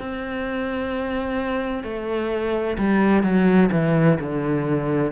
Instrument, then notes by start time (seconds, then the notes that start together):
cello
0.00 C4
1.84 A3
2.79 G3
3.23 F#3
3.72 E3
4.21 D3